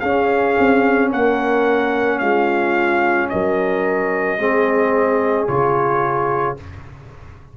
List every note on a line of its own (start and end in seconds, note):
0.00 0.57 C#4
0.00 4.39 C#4
0.00 1.10 G#4
0.00 1.09 F5
0.59 1.12 C4
1.11 2.21 A#3
1.11 2.20 A#4
1.11 2.19 F#5
2.19 3.30 G#3
2.19 3.30 F4
2.19 3.28 F5
3.29 4.38 F#3
3.29 4.39 A#4
3.29 5.47 D#5
4.38 5.47 G#3
4.38 5.48 C4
4.38 6.57 G#4
5.48 6.57 C#3
5.48 6.57 F4
5.48 6.57 C#5